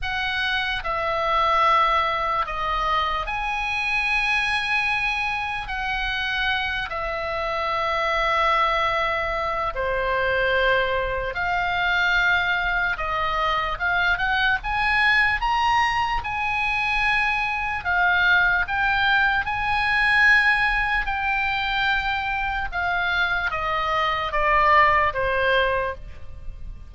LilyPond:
\new Staff \with { instrumentName = "oboe" } { \time 4/4 \tempo 4 = 74 fis''4 e''2 dis''4 | gis''2. fis''4~ | fis''8 e''2.~ e''8 | c''2 f''2 |
dis''4 f''8 fis''8 gis''4 ais''4 | gis''2 f''4 g''4 | gis''2 g''2 | f''4 dis''4 d''4 c''4 | }